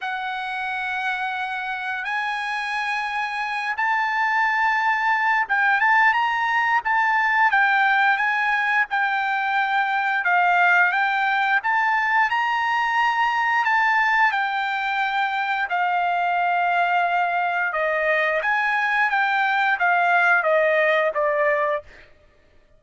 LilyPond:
\new Staff \with { instrumentName = "trumpet" } { \time 4/4 \tempo 4 = 88 fis''2. gis''4~ | gis''4. a''2~ a''8 | g''8 a''8 ais''4 a''4 g''4 | gis''4 g''2 f''4 |
g''4 a''4 ais''2 | a''4 g''2 f''4~ | f''2 dis''4 gis''4 | g''4 f''4 dis''4 d''4 | }